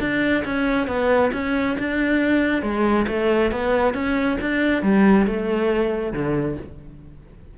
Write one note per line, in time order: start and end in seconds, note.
0.00 0.44 D4
0.45 0.87 C#4
0.87 1.31 B3
1.33 1.77 C#4
1.79 2.62 D4
2.62 3.06 G#3
3.08 3.52 A3
3.52 3.94 B3
3.94 4.38 C#4
4.41 4.83 D4
4.83 5.26 G3
5.27 6.13 A3
6.13 6.57 D3